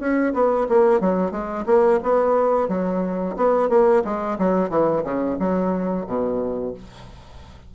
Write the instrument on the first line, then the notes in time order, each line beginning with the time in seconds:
bassoon
0.00 C#4
0.34 B3
0.69 A#3
1.01 F#3
1.32 G#3
1.67 A#3
2.03 B3
2.69 F#3
3.37 B3
3.70 A#3
4.05 G#3
4.39 F#3
4.70 E3
5.04 C#3
5.40 F#3
6.07 B2